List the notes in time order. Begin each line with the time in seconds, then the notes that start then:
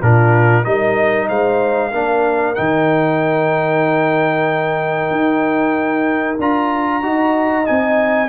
0.00 A#2 D4 F4 A#4
0.64 G3 D#4 A#4 D#5
1.28 G#3 C5 F5
1.90 A#3 D4 A#4
2.55 D#3 D#4 G5
5.11 D#4
6.39 D4 F4 A#5
7.02 D#4 F#4 D#5
7.64 C4 D#4 G#5